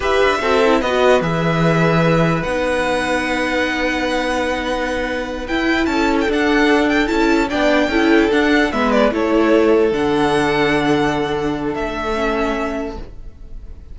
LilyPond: <<
  \new Staff \with { instrumentName = "violin" } { \time 4/4 \tempo 4 = 148 e''2 dis''4 e''4~ | e''2 fis''2~ | fis''1~ | fis''4. g''4 a''8. g''16 fis''8~ |
fis''4 g''8 a''4 g''4.~ | g''8 fis''4 e''8 d''8 cis''4.~ | cis''8 fis''2.~ fis''8~ | fis''4 e''2. | }
  \new Staff \with { instrumentName = "violin" } { \time 4/4 b'4 a'4 b'2~ | b'1~ | b'1~ | b'2~ b'8 a'4.~ |
a'2~ a'8 d''4 a'8~ | a'4. b'4 a'4.~ | a'1~ | a'1 | }
  \new Staff \with { instrumentName = "viola" } { \time 4/4 g'4 fis'8 e'8 fis'4 gis'4~ | gis'2 dis'2~ | dis'1~ | dis'4. e'2 d'8~ |
d'4. e'4 d'4 e'8~ | e'8 d'4 b4 e'4.~ | e'8 d'2.~ d'8~ | d'2 cis'2 | }
  \new Staff \with { instrumentName = "cello" } { \time 4/4 e'8 d'8 c'4 b4 e4~ | e2 b2~ | b1~ | b4. e'4 cis'4 d'8~ |
d'4. cis'4 b4 cis'8~ | cis'8 d'4 gis4 a4.~ | a8 d2.~ d8~ | d4 a2. | }
>>